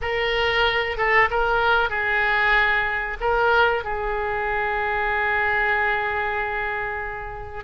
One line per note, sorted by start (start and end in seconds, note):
0.01 0.97 A#4
0.97 1.29 A4
1.30 1.89 A#4
1.89 3.17 G#4
3.20 3.84 A#4
3.84 7.64 G#4